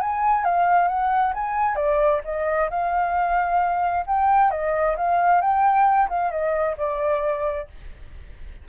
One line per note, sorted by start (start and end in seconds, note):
0.00 0.44 G#5
0.44 0.88 F5
0.88 1.33 F#5
1.34 1.75 G#5
1.75 2.20 D5
2.24 2.69 D#5
2.70 4.05 F5
4.06 4.51 G5
4.51 4.96 D#5
4.97 5.41 F5
5.41 6.08 G5
6.09 6.31 F5
6.31 6.76 D#5
6.77 7.67 D5